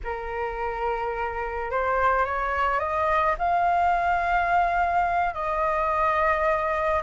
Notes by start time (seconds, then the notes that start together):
0.04 A#4
1.70 C5
2.25 C#5
2.79 D#5
3.38 F5
5.34 D#5